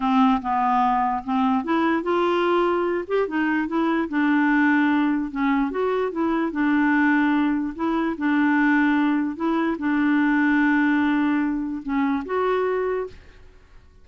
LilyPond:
\new Staff \with { instrumentName = "clarinet" } { \time 4/4 \tempo 4 = 147 c'4 b2 c'4 | e'4 f'2~ f'8 g'8 | dis'4 e'4 d'2~ | d'4 cis'4 fis'4 e'4 |
d'2. e'4 | d'2. e'4 | d'1~ | d'4 cis'4 fis'2 | }